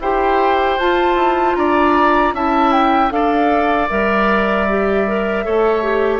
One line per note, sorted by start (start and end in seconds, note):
0.00 0.78 E4
0.00 0.80 G4
0.00 1.57 C5
0.00 0.79 G5
0.78 1.15 F4
0.78 2.35 F4
0.78 1.56 A5
1.15 1.54 E4
1.56 2.33 D4
1.56 2.35 D5
1.56 2.33 A#5
2.33 3.11 C#4
2.33 3.10 E4
2.33 3.13 E5
2.33 2.72 A5
2.72 3.11 G5
3.10 3.89 D4
3.10 3.88 A4
3.10 5.45 D5
3.10 3.89 F5
3.89 5.46 G3
3.89 4.67 A#4
3.89 6.20 E5
4.69 5.08 G4
5.08 5.44 A#4
5.44 6.20 A3
5.44 5.83 A4
5.44 6.20 C#5
5.83 6.20 G4